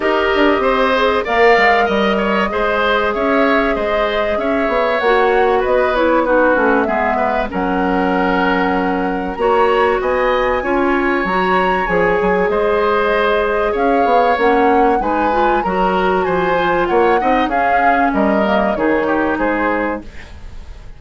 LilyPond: <<
  \new Staff \with { instrumentName = "flute" } { \time 4/4 \tempo 4 = 96 dis''2 f''4 dis''4~ | dis''4 e''4 dis''4 e''4 | fis''4 dis''8 cis''8 b'4 e''4 | fis''2. ais''4 |
gis''2 ais''4 gis''4 | dis''2 f''4 fis''4 | gis''4 ais''4 gis''4 fis''4 | f''4 dis''4 cis''4 c''4 | }
  \new Staff \with { instrumentName = "oboe" } { \time 4/4 ais'4 c''4 d''4 dis''8 cis''8 | c''4 cis''4 c''4 cis''4~ | cis''4 b'4 fis'4 gis'8 b'8 | ais'2. cis''4 |
dis''4 cis''2. | c''2 cis''2 | b'4 ais'4 c''4 cis''8 dis''8 | gis'4 ais'4 gis'8 g'8 gis'4 | }
  \new Staff \with { instrumentName = "clarinet" } { \time 4/4 g'4. gis'8 ais'2 | gis'1 | fis'4. e'8 dis'8 cis'8 b4 | cis'2. fis'4~ |
fis'4 f'4 fis'4 gis'4~ | gis'2. cis'4 | dis'8 f'8 fis'4. f'4 dis'8 | cis'4. ais8 dis'2 | }
  \new Staff \with { instrumentName = "bassoon" } { \time 4/4 dis'8 d'8 c'4 ais8 gis8 g4 | gis4 cis'4 gis4 cis'8 b8 | ais4 b4. a8 gis4 | fis2. ais4 |
b4 cis'4 fis4 f8 fis8 | gis2 cis'8 b8 ais4 | gis4 fis4 f4 ais8 c'8 | cis'4 g4 dis4 gis4 | }
>>